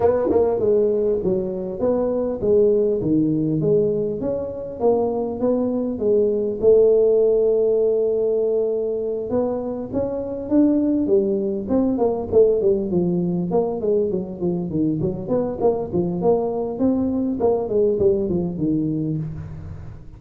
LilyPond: \new Staff \with { instrumentName = "tuba" } { \time 4/4 \tempo 4 = 100 b8 ais8 gis4 fis4 b4 | gis4 dis4 gis4 cis'4 | ais4 b4 gis4 a4~ | a2.~ a8 b8~ |
b8 cis'4 d'4 g4 c'8 | ais8 a8 g8 f4 ais8 gis8 fis8 | f8 dis8 fis8 b8 ais8 f8 ais4 | c'4 ais8 gis8 g8 f8 dis4 | }